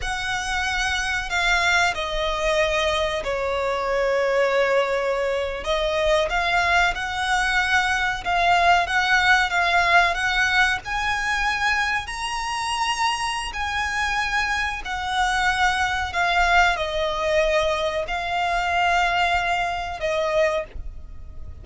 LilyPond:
\new Staff \with { instrumentName = "violin" } { \time 4/4 \tempo 4 = 93 fis''2 f''4 dis''4~ | dis''4 cis''2.~ | cis''8. dis''4 f''4 fis''4~ fis''16~ | fis''8. f''4 fis''4 f''4 fis''16~ |
fis''8. gis''2 ais''4~ ais''16~ | ais''4 gis''2 fis''4~ | fis''4 f''4 dis''2 | f''2. dis''4 | }